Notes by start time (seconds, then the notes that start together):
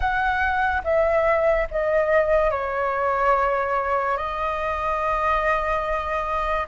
0.00 F#5
0.84 E5
1.70 D#5
2.50 C#5
4.17 D#5